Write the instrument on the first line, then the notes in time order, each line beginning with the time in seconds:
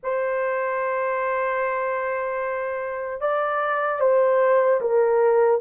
horn
0.03 C5
3.20 D5
4.00 C5
4.80 A#4